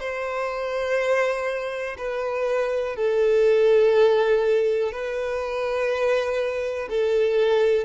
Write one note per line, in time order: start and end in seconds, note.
0.00 1.97 C5
1.98 2.96 B4
2.96 4.92 A4
4.92 6.89 B4
6.89 7.85 A4